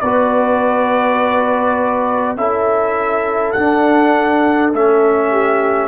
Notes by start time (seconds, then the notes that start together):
0.00 B3 F#4 B4 D5
2.36 C#4 E4 A4 E5
3.52 D4 F#5
4.73 A3 C#4 E5
5.30 G4